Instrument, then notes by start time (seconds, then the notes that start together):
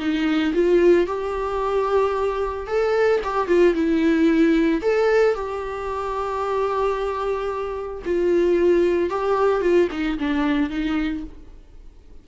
viola
0.00 D#4
0.55 F4
1.07 G4
2.67 A4
3.24 G4
3.48 F4
3.75 E4
4.82 A4
5.35 G4
8.06 F4
9.10 G4
9.62 F4
9.92 D#4
10.19 D4
10.70 D#4